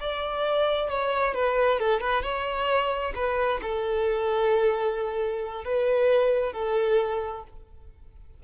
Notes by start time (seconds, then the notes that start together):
0.00 D5
0.90 C#5
1.35 B4
1.80 A4
2.00 B4
2.23 C#5
3.16 B4
3.62 A4
5.64 B4
6.53 A4